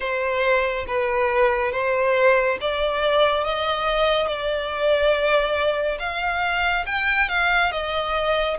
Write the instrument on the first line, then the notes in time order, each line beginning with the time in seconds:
violin
0.00 C5
0.86 B4
1.72 C5
2.60 D5
3.44 D#5
4.27 D5
5.99 F5
6.86 G5
7.29 F5
7.71 D#5